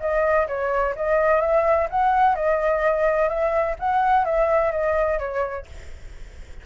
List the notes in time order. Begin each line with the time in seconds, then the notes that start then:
0.00 D#5
0.47 C#5
0.96 D#5
1.41 E5
1.90 F#5
2.35 D#5
3.29 E5
3.79 F#5
4.25 E5
4.72 D#5
5.19 C#5